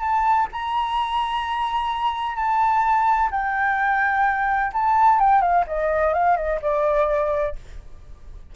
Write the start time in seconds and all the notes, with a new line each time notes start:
0.00 A5
0.52 A#5
2.35 A5
3.31 G5
4.73 A5
5.19 G5
5.41 F5
5.67 D#5
6.13 F5
6.36 D#5
6.61 D5